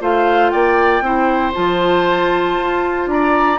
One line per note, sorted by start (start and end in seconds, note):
0.00 0.52 A3
0.00 1.03 F4
0.00 0.52 C5
0.00 0.49 F5
0.49 1.01 A#3
0.49 1.03 D5
0.49 1.52 G5
1.01 1.52 C4
1.01 1.53 E4
1.01 3.09 C5
1.53 2.57 F3
1.53 3.58 F4
1.53 3.08 A5
2.57 3.06 F4
3.06 3.57 D4
3.06 3.58 A#5
3.12 3.58 D5